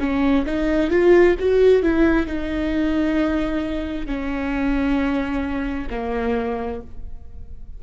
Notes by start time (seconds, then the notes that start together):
0.00 C#4
0.46 D#4
0.91 F4
1.39 F#4
1.83 E4
2.27 D#4
4.07 C#4
5.90 A#3